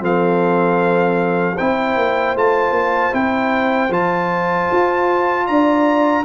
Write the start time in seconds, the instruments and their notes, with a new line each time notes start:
0.00 tuba F3, trombone C4, horn A4, trumpet F5
1.55 tuba C4, trombone E4, horn C5, trumpet G5
1.96 tuba A#3
2.35 tuba A3, trombone F4, trumpet A5
2.71 tuba A#3
3.12 tuba C4, trombone E4, trumpet G5
3.89 tuba F3, trombone F4, trumpet A5
4.72 tuba F4
5.47 tuba D4, horn D5, trumpet A#5